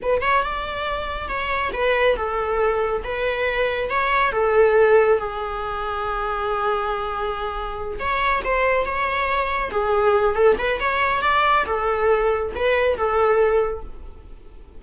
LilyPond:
\new Staff \with { instrumentName = "viola" } { \time 4/4 \tempo 4 = 139 b'8 cis''8 d''2 cis''4 | b'4 a'2 b'4~ | b'4 cis''4 a'2 | gis'1~ |
gis'2~ gis'8 cis''4 c''8~ | c''8 cis''2 gis'4. | a'8 b'8 cis''4 d''4 a'4~ | a'4 b'4 a'2 | }